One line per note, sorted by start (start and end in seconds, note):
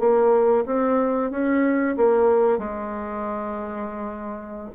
0.00 0.65 A#3
0.66 1.31 C4
1.31 1.96 C#4
1.97 2.59 A#3
2.59 4.71 G#3